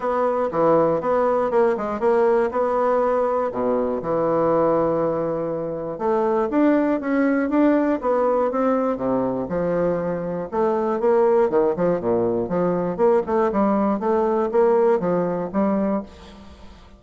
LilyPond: \new Staff \with { instrumentName = "bassoon" } { \time 4/4 \tempo 4 = 120 b4 e4 b4 ais8 gis8 | ais4 b2 b,4 | e1 | a4 d'4 cis'4 d'4 |
b4 c'4 c4 f4~ | f4 a4 ais4 dis8 f8 | ais,4 f4 ais8 a8 g4 | a4 ais4 f4 g4 | }